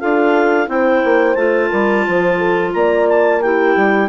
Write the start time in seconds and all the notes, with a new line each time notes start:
0.00 D4 F4 A4 F5
0.67 C4 E4 C5 G5
1.04 A#3
1.35 A3 F4 A5
1.70 G3 A#4
2.07 F3 C5
2.38 A4
2.73 A#3 D5 A#5
3.09 A5
3.41 E4 G4 G5
3.76 G3